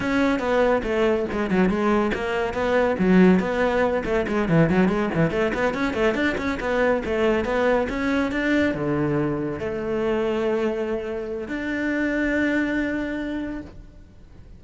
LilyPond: \new Staff \with { instrumentName = "cello" } { \time 4/4 \tempo 4 = 141 cis'4 b4 a4 gis8 fis8 | gis4 ais4 b4 fis4 | b4. a8 gis8 e8 fis8 gis8 | e8 a8 b8 cis'8 a8 d'8 cis'8 b8~ |
b8 a4 b4 cis'4 d'8~ | d'8 d2 a4.~ | a2. d'4~ | d'1 | }